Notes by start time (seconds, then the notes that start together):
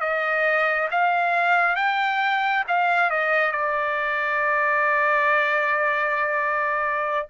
0.00 D#5
0.91 F5
1.76 G5
2.68 F5
3.10 D#5
3.52 D5